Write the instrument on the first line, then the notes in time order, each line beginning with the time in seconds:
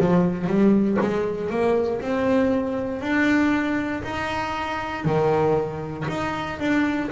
double bass
0.00 F3
0.47 G3
1.01 G#3
1.50 A#3
2.01 C4
3.01 D4
4.03 D#4
5.05 D#3
6.08 D#4
6.59 D4